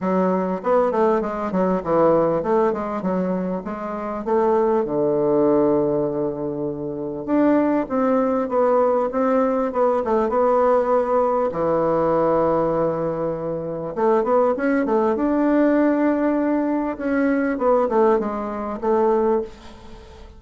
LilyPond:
\new Staff \with { instrumentName = "bassoon" } { \time 4/4 \tempo 4 = 99 fis4 b8 a8 gis8 fis8 e4 | a8 gis8 fis4 gis4 a4 | d1 | d'4 c'4 b4 c'4 |
b8 a8 b2 e4~ | e2. a8 b8 | cis'8 a8 d'2. | cis'4 b8 a8 gis4 a4 | }